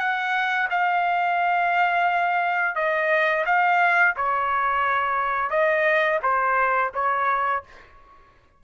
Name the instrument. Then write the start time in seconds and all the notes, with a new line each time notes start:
trumpet
0.00 F#5
0.71 F5
2.76 D#5
3.46 F5
4.17 C#5
5.51 D#5
6.23 C5
6.95 C#5